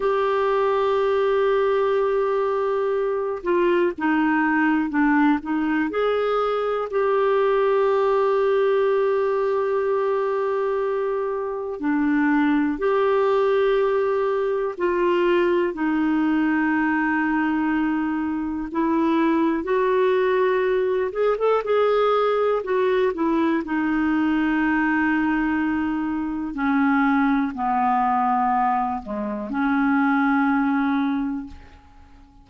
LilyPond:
\new Staff \with { instrumentName = "clarinet" } { \time 4/4 \tempo 4 = 61 g'2.~ g'8 f'8 | dis'4 d'8 dis'8 gis'4 g'4~ | g'1 | d'4 g'2 f'4 |
dis'2. e'4 | fis'4. gis'16 a'16 gis'4 fis'8 e'8 | dis'2. cis'4 | b4. gis8 cis'2 | }